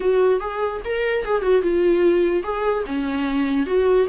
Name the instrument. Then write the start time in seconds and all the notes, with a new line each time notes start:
viola
0.00 F#4
0.40 G#4
0.85 A#4
1.24 G#4
1.41 F#4
1.62 F4
2.43 G#4
2.86 C#4
3.66 F#4